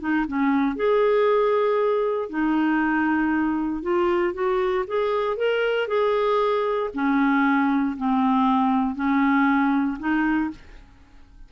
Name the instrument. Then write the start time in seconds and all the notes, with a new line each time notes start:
clarinet
0.00 D#4
0.27 C#4
0.76 G#4
2.29 D#4
3.82 F4
4.34 F#4
4.87 G#4
5.37 A#4
5.87 G#4
6.94 C#4
7.97 C4
8.95 C#4
9.99 D#4